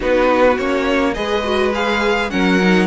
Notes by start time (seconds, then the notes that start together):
0.00 B3 D#4 F#4 B4
0.58 A#3 C#4 C#5
1.14 G#3 G#4 B4 D#5
1.44 F#4
1.74 G#4 F5
2.30 F#3 C#4 A#4 F#5
2.61 D#4